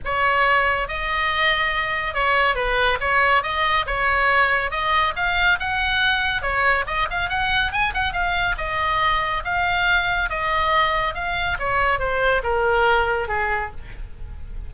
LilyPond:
\new Staff \with { instrumentName = "oboe" } { \time 4/4 \tempo 4 = 140 cis''2 dis''2~ | dis''4 cis''4 b'4 cis''4 | dis''4 cis''2 dis''4 | f''4 fis''2 cis''4 |
dis''8 f''8 fis''4 gis''8 fis''8 f''4 | dis''2 f''2 | dis''2 f''4 cis''4 | c''4 ais'2 gis'4 | }